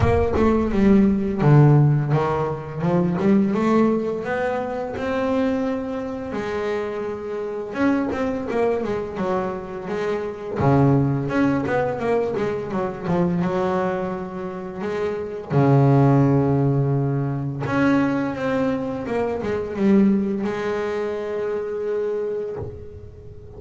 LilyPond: \new Staff \with { instrumentName = "double bass" } { \time 4/4 \tempo 4 = 85 ais8 a8 g4 d4 dis4 | f8 g8 a4 b4 c'4~ | c'4 gis2 cis'8 c'8 | ais8 gis8 fis4 gis4 cis4 |
cis'8 b8 ais8 gis8 fis8 f8 fis4~ | fis4 gis4 cis2~ | cis4 cis'4 c'4 ais8 gis8 | g4 gis2. | }